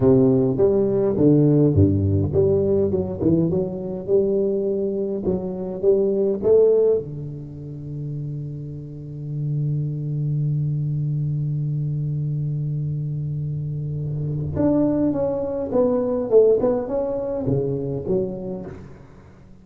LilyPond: \new Staff \with { instrumentName = "tuba" } { \time 4/4 \tempo 4 = 103 c4 g4 d4 g,4 | g4 fis8 e8 fis4 g4~ | g4 fis4 g4 a4 | d1~ |
d1~ | d1~ | d4 d'4 cis'4 b4 | a8 b8 cis'4 cis4 fis4 | }